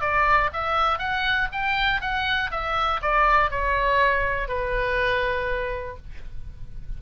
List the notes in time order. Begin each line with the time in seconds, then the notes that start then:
0.00 D5
0.53 E5
0.98 F#5
1.52 G5
2.01 F#5
2.51 E5
3.01 D5
3.50 C#5
4.48 B4